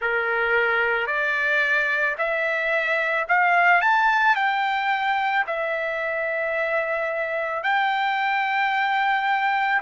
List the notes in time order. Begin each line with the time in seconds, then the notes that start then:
0.01 A#4
1.07 D5
2.18 E5
3.28 F5
3.81 A5
4.35 G5
5.46 E5
7.63 G5